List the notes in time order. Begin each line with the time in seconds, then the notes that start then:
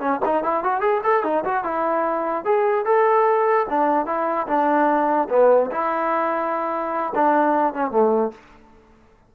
0.00 C#4
0.25 D#4
0.44 E4
0.64 F#4
0.81 G#4
1.04 A4
1.24 D#4
1.44 F#4
1.64 E4
2.45 G#4
2.85 A4
3.69 D4
4.06 E4
4.47 D4
5.30 B3
5.71 E4
7.15 D4
7.74 C#4
7.91 A3